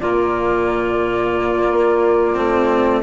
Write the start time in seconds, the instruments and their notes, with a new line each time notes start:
0.00 bassoon A#2, cello A#3, clarinet F4, flute D5
1.71 bassoon A#3
2.35 bassoon A3, cello C4